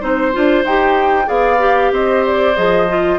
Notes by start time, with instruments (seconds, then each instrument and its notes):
0.00 bassoon C4, clarinet D#4, oboe C5, flute C5
0.32 bassoon D4, clarinet F4
0.64 bassoon D#4, clarinet G4, flute G5
1.25 bassoon B3, clarinet G#4, oboe D5, flute F5
1.59 clarinet G4
1.92 bassoon C4, oboe C5, flute D#5
2.26 flute D5
2.56 bassoon F3, clarinet G#4, flute D#5
2.88 clarinet F4